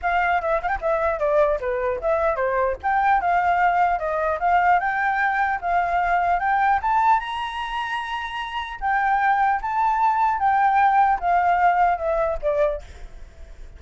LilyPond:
\new Staff \with { instrumentName = "flute" } { \time 4/4 \tempo 4 = 150 f''4 e''8 f''16 g''16 e''4 d''4 | b'4 e''4 c''4 g''4 | f''2 dis''4 f''4 | g''2 f''2 |
g''4 a''4 ais''2~ | ais''2 g''2 | a''2 g''2 | f''2 e''4 d''4 | }